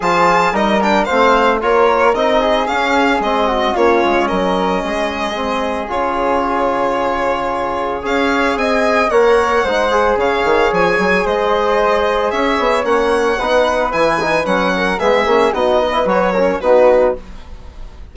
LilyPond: <<
  \new Staff \with { instrumentName = "violin" } { \time 4/4 \tempo 4 = 112 a''4 dis''8 g''8 f''4 cis''4 | dis''4 f''4 dis''4 cis''4 | dis''2. cis''4~ | cis''2. f''4 |
gis''4 fis''2 f''4 | gis''4 dis''2 e''4 | fis''2 gis''4 fis''4 | e''4 dis''4 cis''4 b'4 | }
  \new Staff \with { instrumentName = "flute" } { \time 4/4 gis'4 ais'4 c''4 ais'4~ | ais'8 gis'2 fis'8 f'4 | ais'4 gis'2.~ | gis'2. cis''4 |
dis''4 cis''4 c''4 cis''4~ | cis''4 c''2 cis''4~ | cis''4 b'2~ b'8 ais'8 | gis'4 fis'8 b'4 ais'8 fis'4 | }
  \new Staff \with { instrumentName = "trombone" } { \time 4/4 f'4 dis'8 d'8 c'4 f'4 | dis'4 cis'4 c'4 cis'4~ | cis'2 c'4 f'4~ | f'2. gis'4~ |
gis'4 ais'4 dis'8 gis'4.~ | gis'1 | cis'4 dis'4 e'8 dis'8 cis'4 | b8 cis'8 dis'8. e'16 fis'8 cis'8 dis'4 | }
  \new Staff \with { instrumentName = "bassoon" } { \time 4/4 f4 g4 a4 ais4 | c'4 cis'4 gis4 ais8 gis8 | fis4 gis2 cis4~ | cis2. cis'4 |
c'4 ais4 gis4 cis8 dis8 | f8 fis8 gis2 cis'8 b8 | ais4 b4 e4 fis4 | gis8 ais8 b4 fis4 b4 | }
>>